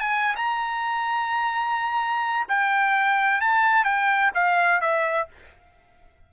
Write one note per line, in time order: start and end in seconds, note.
0.00 0.35 G#5
0.36 2.47 A#5
2.48 3.41 G5
3.41 3.84 A5
3.84 4.31 G5
4.34 4.81 F5
4.81 5.28 E5